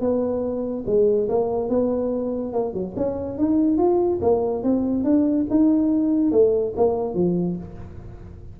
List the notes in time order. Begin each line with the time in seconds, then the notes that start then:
0.00 B3
0.86 G#3
1.29 A#3
1.69 B3
2.52 A#3
2.73 F#3
2.96 C#4
3.38 D#4
3.77 F4
4.21 A#3
4.63 C4
5.04 D4
5.50 D#4
6.31 A3
6.76 A#3
7.14 F3